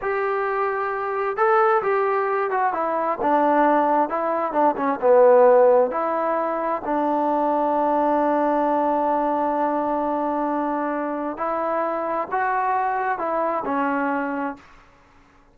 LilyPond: \new Staff \with { instrumentName = "trombone" } { \time 4/4 \tempo 4 = 132 g'2. a'4 | g'4. fis'8 e'4 d'4~ | d'4 e'4 d'8 cis'8 b4~ | b4 e'2 d'4~ |
d'1~ | d'1~ | d'4 e'2 fis'4~ | fis'4 e'4 cis'2 | }